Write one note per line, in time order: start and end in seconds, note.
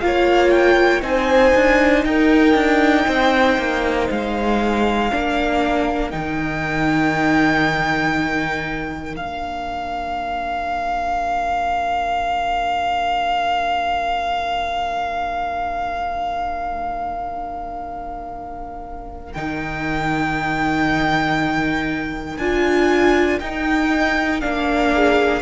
0.00 1.02 A#3
0.00 1.02 F4
0.00 1.06 C#5
0.00 0.50 F5
0.50 1.01 G5
1.02 1.53 C4
1.02 5.08 D#4
1.02 2.07 C5
1.02 2.05 G#5
1.55 2.05 D4
2.05 2.54 D#4
2.05 3.07 A#4
2.05 4.08 G5
2.54 3.05 D4
3.07 3.58 C4
3.07 5.10 C5
3.58 4.09 A#3
4.10 5.12 G#3
4.10 6.10 F5
5.10 6.13 A#3
5.10 6.11 D4
5.10 24.93 A#4
6.10 9.17 D#3
6.10 9.14 D#4
6.10 9.15 G5
9.14 19.34 A#3
9.14 19.31 D4
9.14 19.33 F5
19.33 22.38 D#3
19.33 22.40 D#4
19.33 22.37 G5
22.37 23.40 D4
22.37 23.42 F4
22.37 23.39 G#5
23.40 24.42 D#4
23.40 24.41 D#4
23.40 24.41 G5
24.41 25.42 A#3
24.41 25.42 D4
24.41 25.42 F5
24.95 25.42 G#4